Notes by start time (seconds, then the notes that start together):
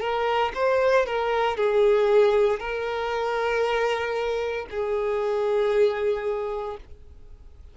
0.00 A#4
0.55 C5
1.06 A#4
1.57 G#4
2.60 A#4
4.70 G#4